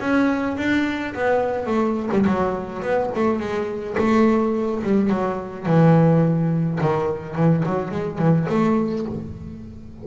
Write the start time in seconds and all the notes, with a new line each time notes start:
0.00 C#4
0.57 D4
1.14 B3
1.66 A3
2.11 G3
2.26 F#3
2.82 B3
3.15 A3
3.40 G#3
3.98 A3
4.83 G3
5.09 F#3
5.66 E3
6.81 D#3
7.35 E3
7.66 F#3
7.91 G#3
8.18 E3
8.49 A3